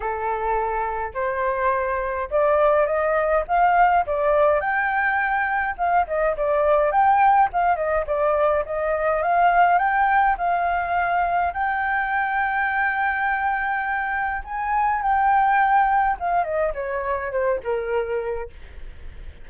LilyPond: \new Staff \with { instrumentName = "flute" } { \time 4/4 \tempo 4 = 104 a'2 c''2 | d''4 dis''4 f''4 d''4 | g''2 f''8 dis''8 d''4 | g''4 f''8 dis''8 d''4 dis''4 |
f''4 g''4 f''2 | g''1~ | g''4 gis''4 g''2 | f''8 dis''8 cis''4 c''8 ais'4. | }